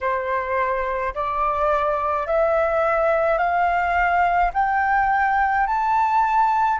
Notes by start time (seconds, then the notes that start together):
0.01 C5
1.14 D5
2.26 E5
3.38 F5
4.53 G5
5.67 A5